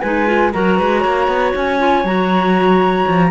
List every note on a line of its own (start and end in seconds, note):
0.00 0.54 G#3
0.00 0.26 D#4
0.00 0.51 B4
0.00 0.50 G#5
0.26 0.52 F4
0.53 0.79 F#3
0.53 1.79 F#4
0.53 0.77 A#4
0.53 1.53 A#5
0.77 1.05 G#3
0.77 1.01 B4
1.01 1.28 A#3
1.01 3.27 C#5
1.28 1.53 B3
1.55 2.04 C#4
1.55 2.06 G#5
1.79 2.04 F4
2.04 3.05 F#3
2.04 3.31 F#4
2.04 3.31 A#5
3.07 3.31 F3